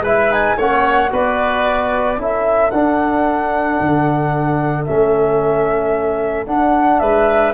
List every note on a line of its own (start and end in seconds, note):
0.00 0.54 G#3
0.00 0.31 E4
0.00 0.56 B4
0.00 0.32 E5
0.31 0.57 D#4
0.31 0.59 G#5
0.57 1.11 A#3
0.57 1.10 C#4
0.57 1.10 C#5
0.57 1.13 F#5
1.10 2.17 B3
1.10 2.17 F#4
1.10 2.19 B4
1.10 2.21 D5
2.17 2.71 C#4
2.17 2.71 E4
2.17 7.01 A4
2.17 2.70 E5
2.70 3.79 D4
2.70 4.86 D4
2.70 4.84 F#5
3.80 4.87 D3
4.85 6.47 A3
4.85 6.47 C#4
4.85 6.45 E5
6.46 7.53 D4
6.46 7.00 D4
6.46 6.99 F#5
6.99 7.53 G#3
6.99 7.53 B4
6.99 7.53 E5